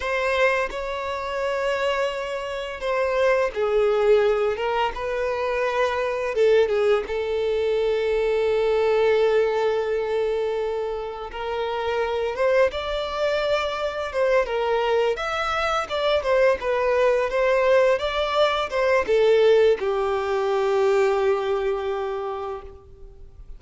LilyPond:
\new Staff \with { instrumentName = "violin" } { \time 4/4 \tempo 4 = 85 c''4 cis''2. | c''4 gis'4. ais'8 b'4~ | b'4 a'8 gis'8 a'2~ | a'1 |
ais'4. c''8 d''2 | c''8 ais'4 e''4 d''8 c''8 b'8~ | b'8 c''4 d''4 c''8 a'4 | g'1 | }